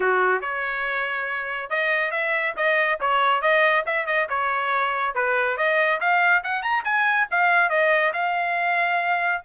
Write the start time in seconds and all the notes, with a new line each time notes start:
0.00 F#4
0.41 C#5
1.69 D#5
2.11 E5
2.56 D#5
3.00 C#5
3.41 D#5
3.86 E5
4.06 D#5
4.29 C#5
5.14 B4
5.57 D#5
6.00 F5
6.43 F#5
6.62 A#5
6.84 G#5
7.31 F5
7.69 D#5
8.13 F5